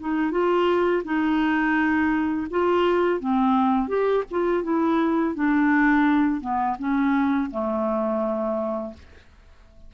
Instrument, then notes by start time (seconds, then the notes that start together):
clarinet
0.00 D#4
0.31 F4
1.05 D#4
2.51 F4
3.20 C4
3.88 G4
4.31 F4
4.64 E4
5.35 D4
6.41 B3
6.79 C#4
7.51 A3